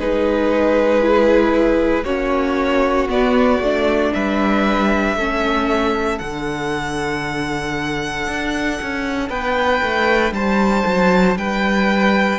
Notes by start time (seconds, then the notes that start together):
0.00 G#3 D#4 G#4 B4
1.01 E4
2.05 A#3 C#4 F#4 C#5
3.09 B3 D5
3.60 A3 D4
4.14 G3 B4 E5
5.16 A3 C#4 A4
6.19 D3 D4 F#5
8.28 D4
8.82 C#4
9.30 B3 B4 G5
9.83 A3
10.32 G3 C5 A5
10.86 F#3
11.36 G3 B4 G5